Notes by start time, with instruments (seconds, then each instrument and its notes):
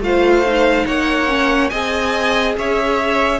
0.00 cello A3, viola F4, violin C5 F5
0.46 viola D#4
0.86 cello A#3, violin C#5 F#5
1.28 viola C#4
1.69 cello C4, viola G#4, violin D#5 G#5
2.57 cello C#4, violin C#5 E5